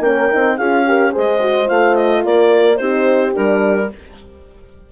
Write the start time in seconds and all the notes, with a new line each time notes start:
0.00 A#3 C#4 A#4 G5
0.31 C4 D#4
0.57 C#4 F4 G#4 F5
0.86 G4 A#4
1.12 G#3 G#4 C5 D#5
1.40 F#4
1.66 A3 F4 F5
1.95 D#5
2.24 A#3 A#4 D5
2.77 C4 D#4 G4 C5
3.33 G3 D4 A#4